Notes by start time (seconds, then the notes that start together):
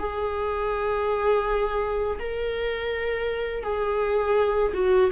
0.00 G#4
2.20 A#4
3.64 G#4
4.74 F#4